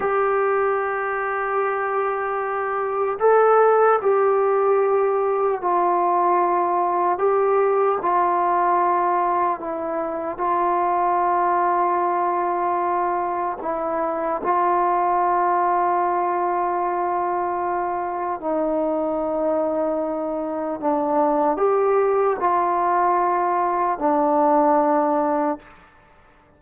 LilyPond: \new Staff \with { instrumentName = "trombone" } { \time 4/4 \tempo 4 = 75 g'1 | a'4 g'2 f'4~ | f'4 g'4 f'2 | e'4 f'2.~ |
f'4 e'4 f'2~ | f'2. dis'4~ | dis'2 d'4 g'4 | f'2 d'2 | }